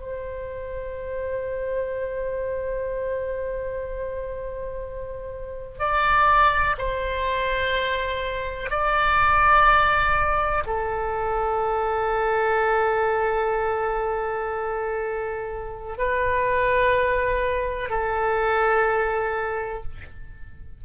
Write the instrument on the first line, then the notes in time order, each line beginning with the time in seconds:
oboe
0.00 C5
5.79 D5
6.78 C5
8.70 D5
10.66 A4
15.98 B4
17.90 A4